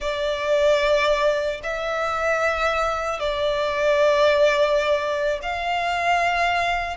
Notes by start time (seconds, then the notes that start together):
0.00 D5
1.63 E5
3.19 D5
5.42 F5